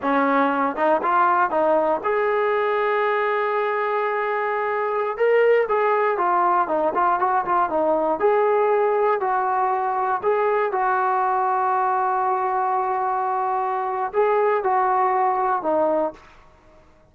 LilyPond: \new Staff \with { instrumentName = "trombone" } { \time 4/4 \tempo 4 = 119 cis'4. dis'8 f'4 dis'4 | gis'1~ | gis'2~ gis'16 ais'4 gis'8.~ | gis'16 f'4 dis'8 f'8 fis'8 f'8 dis'8.~ |
dis'16 gis'2 fis'4.~ fis'16~ | fis'16 gis'4 fis'2~ fis'8.~ | fis'1 | gis'4 fis'2 dis'4 | }